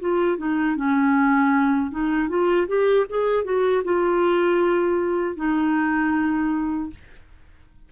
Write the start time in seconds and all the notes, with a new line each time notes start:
0.00 F4
0.37 D#4
0.76 C#4
1.91 D#4
2.29 F4
2.68 G4
3.09 G#4
3.44 F#4
3.84 F4
5.36 D#4